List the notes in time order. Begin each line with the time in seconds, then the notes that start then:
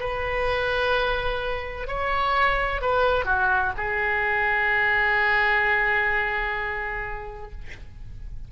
0.00 B4
1.87 C#5
2.81 B4
3.25 F#4
3.77 G#4